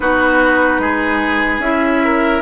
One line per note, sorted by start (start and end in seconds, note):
0.00 0.79 B3
0.00 1.62 D#4
0.00 0.81 F#4
0.00 1.61 B4
0.79 1.58 G#3
0.79 2.02 G#4
1.58 2.39 C#4
1.58 2.41 E4
1.58 2.41 E5
2.04 2.41 A#4